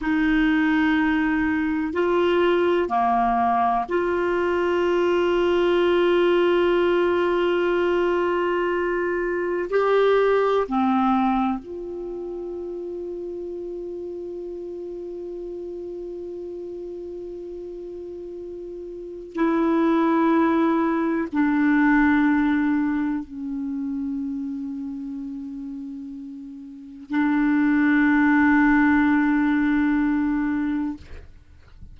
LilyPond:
\new Staff \with { instrumentName = "clarinet" } { \time 4/4 \tempo 4 = 62 dis'2 f'4 ais4 | f'1~ | f'2 g'4 c'4 | f'1~ |
f'1 | e'2 d'2 | cis'1 | d'1 | }